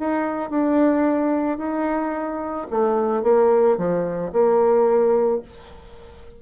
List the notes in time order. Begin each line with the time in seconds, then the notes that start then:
0.00 D#4
0.50 D4
1.58 D#4
2.71 A3
3.23 A#3
3.78 F3
4.33 A#3